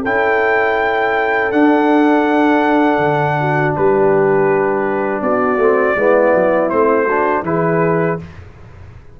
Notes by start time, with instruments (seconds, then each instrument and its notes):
0.00 tuba C#4, trombone E4, horn A4, trumpet G5
1.51 tuba D4, trombone D4, trumpet F#5
2.98 tuba D3
3.40 horn F#4
3.75 tuba G3, horn G4, trumpet B4
5.21 tuba B3, horn F#4, trumpet D5
5.57 tuba A3, trombone C4
5.96 tuba G#3, trombone B3, horn E4
6.35 tuba F#3
6.69 tuba A3, trombone C4, trumpet C5
7.05 trombone D4, horn F#4
7.42 tuba E3, trombone E4, horn G#4, trumpet B4